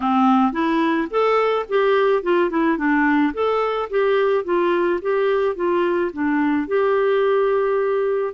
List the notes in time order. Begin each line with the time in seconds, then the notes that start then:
0.00 C4
0.52 E4
1.10 A4
1.68 G4
2.22 F4
2.49 E4
2.77 D4
3.33 A4
3.90 G4
4.44 F4
5.01 G4
5.55 F4
6.12 D4
6.67 G4